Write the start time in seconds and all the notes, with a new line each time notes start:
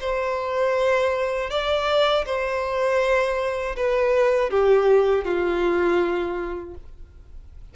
0.00 C5
1.50 D5
2.25 C5
3.76 B4
4.50 G4
5.24 F4